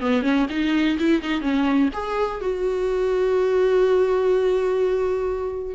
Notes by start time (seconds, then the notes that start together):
0.00 B3
0.22 C#4
0.49 D#4
0.98 E4
1.22 D#4
1.41 C#4
1.93 G#4
2.40 F#4